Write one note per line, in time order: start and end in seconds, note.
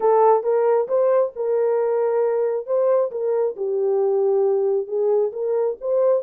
0.00 0.43 A4
0.43 0.87 A#4
0.87 1.32 C5
1.35 2.66 A#4
2.66 3.10 C5
3.11 3.55 A#4
3.56 4.87 G4
4.87 5.31 G#4
5.32 5.76 A#4
5.80 6.23 C5